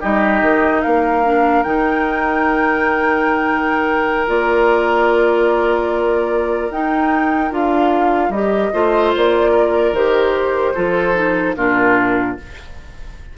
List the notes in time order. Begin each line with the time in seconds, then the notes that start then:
0.00 G3 D#4 G4 D#5
0.41 D#3
0.82 A#3 A#4 F5
1.24 D4
1.63 D#3 D#4 G5
4.27 A#3 F4 D5
6.70 D#4 G5
7.51 D4 F4 F5
8.29 G3 G4 D#5
8.73 A3 F4 C5
9.16 A#3 D5
9.51 A#4
9.92 D#3 G4 C5
10.74 F3 F4 A4
11.14 D#4
11.55 A#2 D4 F4 A#4